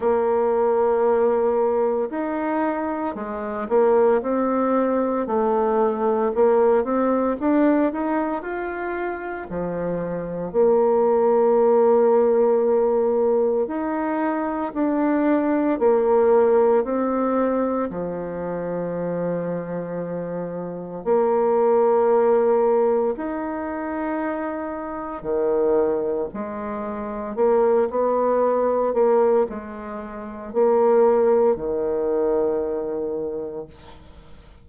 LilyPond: \new Staff \with { instrumentName = "bassoon" } { \time 4/4 \tempo 4 = 57 ais2 dis'4 gis8 ais8 | c'4 a4 ais8 c'8 d'8 dis'8 | f'4 f4 ais2~ | ais4 dis'4 d'4 ais4 |
c'4 f2. | ais2 dis'2 | dis4 gis4 ais8 b4 ais8 | gis4 ais4 dis2 | }